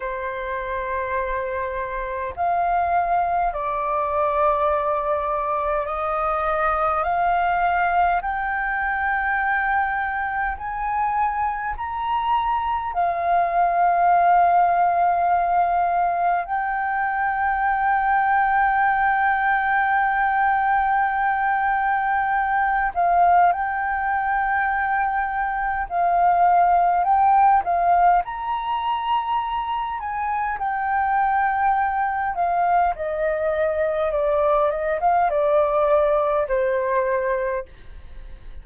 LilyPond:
\new Staff \with { instrumentName = "flute" } { \time 4/4 \tempo 4 = 51 c''2 f''4 d''4~ | d''4 dis''4 f''4 g''4~ | g''4 gis''4 ais''4 f''4~ | f''2 g''2~ |
g''2.~ g''8 f''8 | g''2 f''4 g''8 f''8 | ais''4. gis''8 g''4. f''8 | dis''4 d''8 dis''16 f''16 d''4 c''4 | }